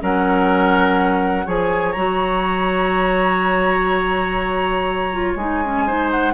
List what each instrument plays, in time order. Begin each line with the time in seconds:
0.00 bassoon F#3, clarinet C#4, oboe A#4, flute F#5
1.46 bassoon F3, clarinet G#4, oboe C#5, flute G#5
1.92 bassoon F#3, clarinet F#4, flute A#5
5.14 clarinet F4
5.36 bassoon G#3, clarinet D#4, flute G#5
5.65 clarinet C#4
5.87 clarinet D#4, oboe C5
6.12 flute F#5